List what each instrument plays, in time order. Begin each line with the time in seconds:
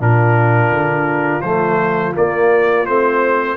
0.00 tuba A#2, trombone D4, horn F4, trumpet A#4
0.71 tuba D3
1.42 tuba F3, trombone A3, trumpet C5
2.14 trombone A#3, tuba A#3, trumpet D5
2.86 tuba A3, trombone C4, trumpet C5